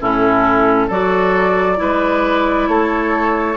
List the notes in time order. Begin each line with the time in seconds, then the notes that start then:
0.00 A2 C#4 E4 A4
0.87 F#3 F#4 A4 D5
1.76 G#3 E4 B4
2.68 A3 A4 C#5